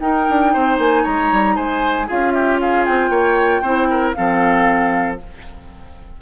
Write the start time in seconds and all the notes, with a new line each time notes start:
0.00 D#4 A#4 G5
0.29 D4
0.53 C4 C5
0.78 A#3 G#5
1.03 G#3 C#5 A#5
1.32 G3
1.56 G#3 C5 G#5
2.07 C#4 F4 G#4 F5
2.32 G4 E5
2.60 G#4 F5
2.85 C4 G5
3.09 A#3 C#5
3.62 C4 E4 C5
3.90 A#4
4.13 F3 C4 A4 F5